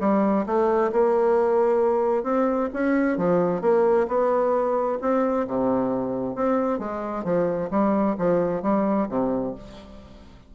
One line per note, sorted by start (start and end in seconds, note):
0.00 0.45 G3
0.46 0.92 A3
0.92 2.23 A#3
2.23 2.69 C4
2.73 3.17 C#4
3.17 3.61 F3
3.61 4.07 A#3
4.08 4.99 B3
5.01 5.47 C4
5.47 6.36 C3
6.36 6.79 C4
6.79 7.24 G#3
7.24 7.70 F3
7.70 8.16 G3
8.18 8.62 F3
8.62 9.08 G3
9.09 9.54 C3